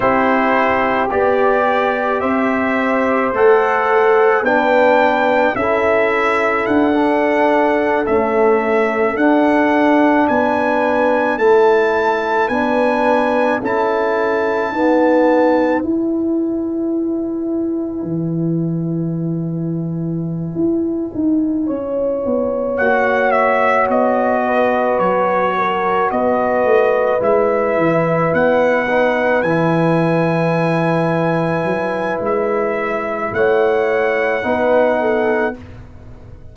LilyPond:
<<
  \new Staff \with { instrumentName = "trumpet" } { \time 4/4 \tempo 4 = 54 c''4 d''4 e''4 fis''4 | g''4 e''4 fis''4~ fis''16 e''8.~ | e''16 fis''4 gis''4 a''4 gis''8.~ | gis''16 a''2 gis''4.~ gis''16~ |
gis''1~ | gis''8 fis''8 e''8 dis''4 cis''4 dis''8~ | dis''8 e''4 fis''4 gis''4.~ | gis''4 e''4 fis''2 | }
  \new Staff \with { instrumentName = "horn" } { \time 4/4 g'2 c''2 | b'4 a'2.~ | a'4~ a'16 b'4 a'4 b'8.~ | b'16 a'4 b'2~ b'8.~ |
b'2.~ b'8 cis''8~ | cis''2 b'4 ais'8 b'8~ | b'1~ | b'2 cis''4 b'8 a'8 | }
  \new Staff \with { instrumentName = "trombone" } { \time 4/4 e'4 g'2 a'4 | d'4 e'4~ e'16 d'4 a8.~ | a16 d'2 e'4 d'8.~ | d'16 e'4 b4 e'4.~ e'16~ |
e'1~ | e'8 fis'2.~ fis'8~ | fis'8 e'4. dis'8 e'4.~ | e'2. dis'4 | }
  \new Staff \with { instrumentName = "tuba" } { \time 4/4 c'4 b4 c'4 a4 | b4 cis'4 d'4~ d'16 cis'8.~ | cis'16 d'4 b4 a4 b8.~ | b16 cis'4 dis'4 e'4.~ e'16~ |
e'16 e2~ e16 e'8 dis'8 cis'8 | b8 ais4 b4 fis4 b8 | a8 gis8 e8 b4 e4.~ | e8 fis8 gis4 a4 b4 | }
>>